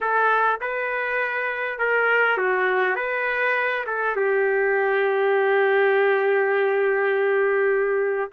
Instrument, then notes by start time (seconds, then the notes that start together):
trumpet
0.00 A4
0.60 B4
1.78 A#4
2.37 F#4
2.95 B4
3.86 A4
4.16 G4